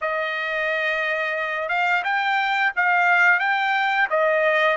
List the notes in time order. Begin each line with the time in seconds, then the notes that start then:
0.01 D#5
1.68 F5
2.04 G5
2.76 F5
3.39 G5
4.09 D#5